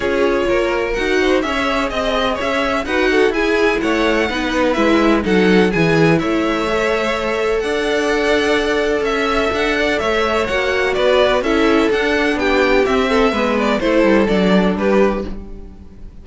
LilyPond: <<
  \new Staff \with { instrumentName = "violin" } { \time 4/4 \tempo 4 = 126 cis''2 fis''4 e''4 | dis''4 e''4 fis''4 gis''4 | fis''2 e''4 fis''4 | gis''4 e''2. |
fis''2. e''4 | fis''4 e''4 fis''4 d''4 | e''4 fis''4 g''4 e''4~ | e''8 d''8 c''4 d''4 b'4 | }
  \new Staff \with { instrumentName = "violin" } { \time 4/4 gis'4 ais'4. c''8 cis''4 | dis''4 cis''4 b'8 a'8 gis'4 | cis''4 b'2 a'4 | gis'4 cis''2. |
d''2. e''4~ | e''8 d''8 cis''2 b'4 | a'2 g'4. a'8 | b'4 a'2 g'4 | }
  \new Staff \with { instrumentName = "viola" } { \time 4/4 f'2 fis'4 gis'4~ | gis'2 fis'4 e'4~ | e'4 dis'4 e'4 dis'4 | e'2 a'2~ |
a'1~ | a'2 fis'2 | e'4 d'2 c'4 | b4 e'4 d'2 | }
  \new Staff \with { instrumentName = "cello" } { \time 4/4 cis'4 ais4 dis'4 cis'4 | c'4 cis'4 dis'4 e'4 | a4 b4 gis4 fis4 | e4 a2. |
d'2. cis'4 | d'4 a4 ais4 b4 | cis'4 d'4 b4 c'4 | gis4 a8 g8 fis4 g4 | }
>>